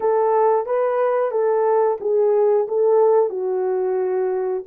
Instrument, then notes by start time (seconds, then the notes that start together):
horn
0.00 A4
0.65 B4
1.31 A4
2.00 G#4
2.68 A4
3.29 F#4